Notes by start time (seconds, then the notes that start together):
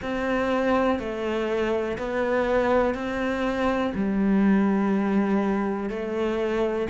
0.02 C4
0.99 A3
1.98 B3
2.94 C4
3.94 G3
5.89 A3